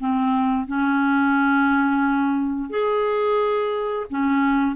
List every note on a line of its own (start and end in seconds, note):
0.00 0.67 C4
0.67 2.70 C#4
2.70 4.06 G#4
4.10 4.76 C#4